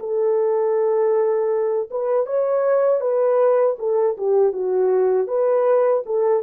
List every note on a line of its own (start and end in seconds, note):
0.00 1.90 A4
1.91 2.27 B4
2.27 3.01 C#5
3.01 3.77 B4
3.79 4.17 A4
4.18 4.53 G4
4.53 5.28 F#4
5.28 6.04 B4
6.06 6.43 A4